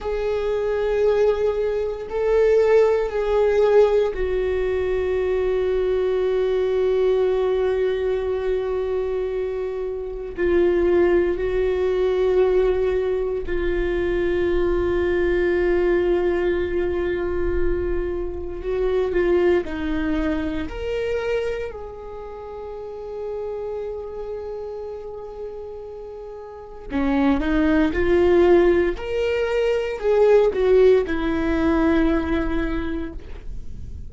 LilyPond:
\new Staff \with { instrumentName = "viola" } { \time 4/4 \tempo 4 = 58 gis'2 a'4 gis'4 | fis'1~ | fis'2 f'4 fis'4~ | fis'4 f'2.~ |
f'2 fis'8 f'8 dis'4 | ais'4 gis'2.~ | gis'2 cis'8 dis'8 f'4 | ais'4 gis'8 fis'8 e'2 | }